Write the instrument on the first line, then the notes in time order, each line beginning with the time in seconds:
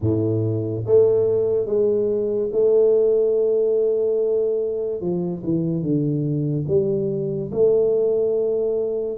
tuba
0.00 A2
0.86 A3
1.66 G#3
2.52 A3
5.00 F3
5.43 E3
5.82 D3
6.67 G3
7.52 A3